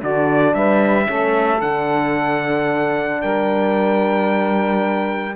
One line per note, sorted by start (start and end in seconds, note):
0.00 0.54 D3
0.00 1.05 D4
0.00 0.54 F#4
0.00 0.54 D5
0.54 1.08 G3
0.54 1.08 B4
0.54 1.61 E5
1.05 1.62 A3
1.05 1.58 C#4
1.05 3.22 A4
1.61 3.23 D3
1.61 5.36 D4
1.61 3.22 F#5
3.22 5.36 G3
3.22 5.36 A#4
3.22 5.36 G5